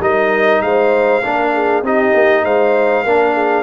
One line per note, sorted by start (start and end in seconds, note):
0.00 0.61 G3
0.00 1.23 D#4
0.00 0.63 A#4
0.00 0.62 D#5
0.62 1.22 G#3
0.62 1.24 C5
0.62 1.83 F5
1.23 1.83 A#3
1.23 1.84 D4
1.23 1.54 A#4
1.54 1.84 G#4
1.83 2.13 C4
1.83 3.06 D#4
1.83 2.44 G4
1.83 2.45 D#5
2.15 2.44 A#3
2.44 3.05 G#3
2.44 3.05 C5
2.44 3.64 F5
3.05 3.64 A#3
3.05 3.64 D4
3.05 3.35 A#4
3.35 3.64 G#4